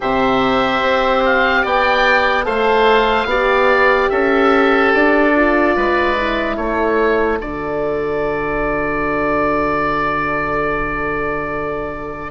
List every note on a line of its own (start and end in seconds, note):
0.00 0.82 C3
0.00 2.43 G4
0.00 1.62 C5
0.00 1.24 E5
0.82 1.64 C4
1.25 1.66 F5
1.62 2.46 B3
1.62 2.44 D5
1.62 2.45 G5
2.43 3.25 A3
2.43 3.26 A4
2.43 3.27 C5
2.43 4.09 F5
3.25 4.07 B3
3.25 5.34 G4
3.25 4.11 D5
4.09 4.93 C#4
4.09 5.75 A4
4.09 4.91 E5
4.94 5.76 D4
4.94 6.56 D5
5.35 6.17 F4
5.76 6.57 G#3
5.76 6.56 B4
6.17 7.40 E4
6.56 7.40 A3
6.56 12.30 A4
6.56 7.38 C#5
7.40 12.30 D3
7.40 12.30 F#4
7.40 12.30 D5